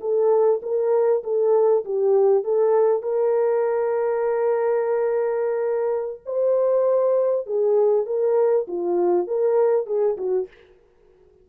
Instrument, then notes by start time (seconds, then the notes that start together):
horn
0.00 A4
0.62 A#4
1.23 A4
1.84 G4
2.44 A4
3.02 A#4
6.25 C5
7.46 G#4
8.06 A#4
8.67 F4
9.27 A#4
9.86 G#4
10.17 F#4